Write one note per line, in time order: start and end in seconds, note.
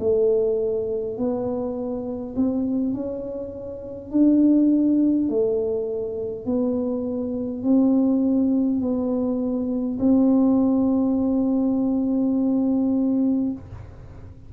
0.00 1.18 A3
1.18 2.35 B3
2.36 2.94 C4
2.94 4.11 C#4
4.11 5.29 D4
5.29 6.46 A3
6.46 7.63 B3
7.63 8.81 C4
8.81 9.99 B3
9.99 13.52 C4